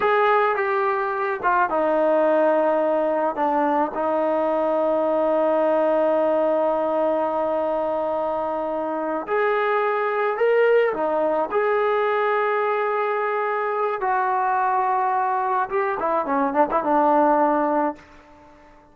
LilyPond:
\new Staff \with { instrumentName = "trombone" } { \time 4/4 \tempo 4 = 107 gis'4 g'4. f'8 dis'4~ | dis'2 d'4 dis'4~ | dis'1~ | dis'1~ |
dis'8 gis'2 ais'4 dis'8~ | dis'8 gis'2.~ gis'8~ | gis'4 fis'2. | g'8 e'8 cis'8 d'16 e'16 d'2 | }